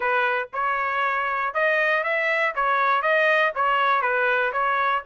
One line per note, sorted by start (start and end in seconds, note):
0.00 0.48 B4
0.53 1.54 C#5
1.54 2.03 D#5
2.03 2.54 E5
2.55 3.02 C#5
3.02 3.52 D#5
3.55 4.01 C#5
4.01 4.51 B4
4.52 5.03 C#5